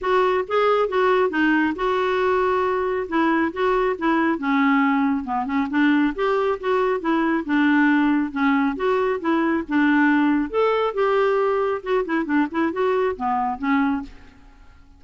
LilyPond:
\new Staff \with { instrumentName = "clarinet" } { \time 4/4 \tempo 4 = 137 fis'4 gis'4 fis'4 dis'4 | fis'2. e'4 | fis'4 e'4 cis'2 | b8 cis'8 d'4 g'4 fis'4 |
e'4 d'2 cis'4 | fis'4 e'4 d'2 | a'4 g'2 fis'8 e'8 | d'8 e'8 fis'4 b4 cis'4 | }